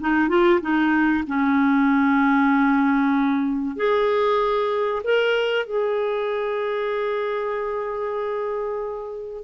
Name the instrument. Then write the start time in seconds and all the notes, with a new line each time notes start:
clarinet
0.00 D#4
0.28 F4
0.61 D#4
1.27 C#4
3.76 G#4
5.04 A#4
5.66 G#4